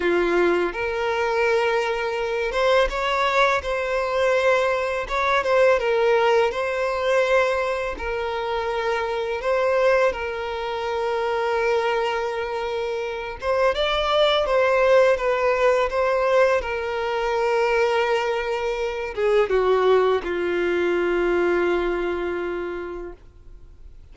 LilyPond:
\new Staff \with { instrumentName = "violin" } { \time 4/4 \tempo 4 = 83 f'4 ais'2~ ais'8 c''8 | cis''4 c''2 cis''8 c''8 | ais'4 c''2 ais'4~ | ais'4 c''4 ais'2~ |
ais'2~ ais'8 c''8 d''4 | c''4 b'4 c''4 ais'4~ | ais'2~ ais'8 gis'8 fis'4 | f'1 | }